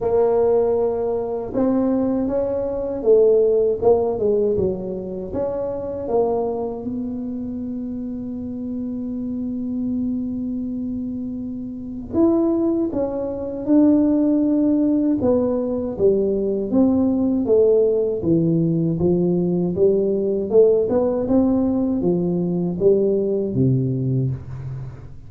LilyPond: \new Staff \with { instrumentName = "tuba" } { \time 4/4 \tempo 4 = 79 ais2 c'4 cis'4 | a4 ais8 gis8 fis4 cis'4 | ais4 b2.~ | b1 |
e'4 cis'4 d'2 | b4 g4 c'4 a4 | e4 f4 g4 a8 b8 | c'4 f4 g4 c4 | }